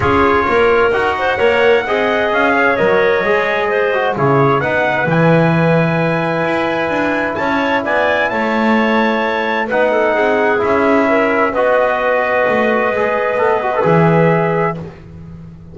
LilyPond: <<
  \new Staff \with { instrumentName = "trumpet" } { \time 4/4 \tempo 4 = 130 cis''2 fis''2~ | fis''4 f''4 dis''2~ | dis''4 cis''4 fis''4 gis''4~ | gis''1 |
a''4 gis''4 a''2~ | a''4 fis''2 e''4~ | e''4 dis''2.~ | dis''2 e''2 | }
  \new Staff \with { instrumentName = "clarinet" } { \time 4/4 gis'4 ais'4. c''8 cis''4 | dis''4. cis''2~ cis''8 | c''4 gis'4 b'2~ | b'1 |
cis''4 d''4 cis''2~ | cis''4 b'8 a'8 gis'2 | ais'4 b'2.~ | b'1 | }
  \new Staff \with { instrumentName = "trombone" } { \time 4/4 f'2 fis'4 ais'4 | gis'2 ais'4 gis'4~ | gis'8 fis'8 e'4 dis'4 e'4~ | e'1~ |
e'1~ | e'4 dis'2 e'4~ | e'4 fis'2. | gis'4 a'8 fis'16 a'16 gis'2 | }
  \new Staff \with { instrumentName = "double bass" } { \time 4/4 cis'4 ais4 dis'4 ais4 | c'4 cis'4 fis4 gis4~ | gis4 cis4 b4 e4~ | e2 e'4 d'4 |
cis'4 b4 a2~ | a4 b4 c'4 cis'4~ | cis'4 b2 a4 | gis4 b4 e2 | }
>>